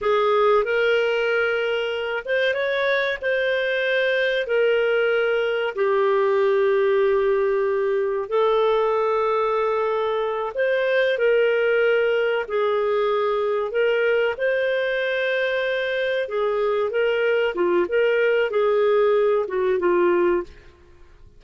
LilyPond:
\new Staff \with { instrumentName = "clarinet" } { \time 4/4 \tempo 4 = 94 gis'4 ais'2~ ais'8 c''8 | cis''4 c''2 ais'4~ | ais'4 g'2.~ | g'4 a'2.~ |
a'8 c''4 ais'2 gis'8~ | gis'4. ais'4 c''4.~ | c''4. gis'4 ais'4 f'8 | ais'4 gis'4. fis'8 f'4 | }